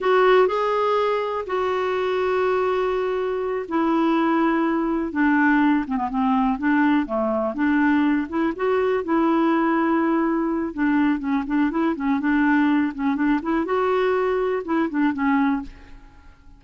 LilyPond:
\new Staff \with { instrumentName = "clarinet" } { \time 4/4 \tempo 4 = 123 fis'4 gis'2 fis'4~ | fis'2.~ fis'8 e'8~ | e'2~ e'8 d'4. | c'16 b16 c'4 d'4 a4 d'8~ |
d'4 e'8 fis'4 e'4.~ | e'2 d'4 cis'8 d'8 | e'8 cis'8 d'4. cis'8 d'8 e'8 | fis'2 e'8 d'8 cis'4 | }